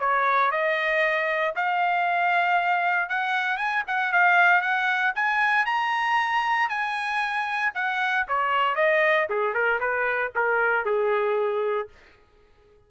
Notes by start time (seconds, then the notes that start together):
0.00 C#5
0.52 D#5
1.56 F5
3.10 F#5
3.58 G#5
3.88 F#5
4.13 F5
4.62 F#5
5.16 G#5
5.66 A#5
6.70 G#5
7.75 F#5
8.29 C#5
8.76 D#5
9.30 G#4
9.54 A#4
9.80 B4
10.36 A#4
10.86 G#4